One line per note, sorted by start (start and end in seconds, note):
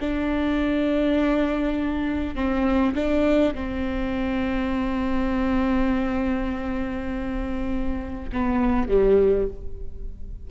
0.00 2.35 D4
2.35 2.94 C4
2.95 3.54 D4
3.55 8.30 C4
8.32 8.88 B3
8.88 9.48 G3